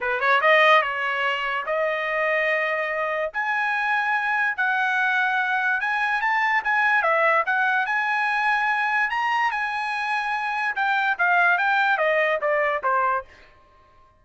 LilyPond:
\new Staff \with { instrumentName = "trumpet" } { \time 4/4 \tempo 4 = 145 b'8 cis''8 dis''4 cis''2 | dis''1 | gis''2. fis''4~ | fis''2 gis''4 a''4 |
gis''4 e''4 fis''4 gis''4~ | gis''2 ais''4 gis''4~ | gis''2 g''4 f''4 | g''4 dis''4 d''4 c''4 | }